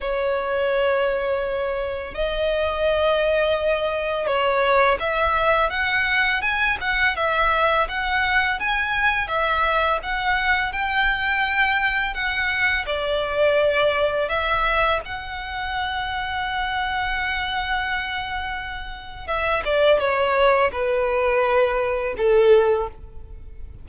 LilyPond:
\new Staff \with { instrumentName = "violin" } { \time 4/4 \tempo 4 = 84 cis''2. dis''4~ | dis''2 cis''4 e''4 | fis''4 gis''8 fis''8 e''4 fis''4 | gis''4 e''4 fis''4 g''4~ |
g''4 fis''4 d''2 | e''4 fis''2.~ | fis''2. e''8 d''8 | cis''4 b'2 a'4 | }